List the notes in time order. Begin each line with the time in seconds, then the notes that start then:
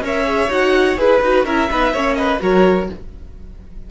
0.00 C#4 A#4 C#5
0.06 E5
0.25 G#4
0.48 D#4 F#4 F#5
0.97 E4 G#4 B4
1.22 D#4 F#4
1.45 C#4 E4 A#4 E5
1.70 B3 D#4 B4
1.92 A#3 C#4 C#5
2.14 B4 D#5
2.39 F#3 F#4 A#4 C#5